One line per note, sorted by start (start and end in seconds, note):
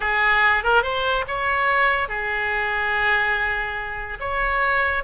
0.00 0.63 G#4
0.63 0.82 A#4
0.82 1.24 C5
1.27 2.08 C#5
2.08 4.18 G#4
4.20 5.03 C#5